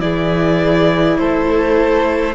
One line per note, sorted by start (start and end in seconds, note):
0.00 1.18 E3
0.00 2.35 E4
0.00 1.20 G#4
0.00 1.18 D5
1.18 2.35 A3
1.18 2.35 A4
1.18 2.35 C5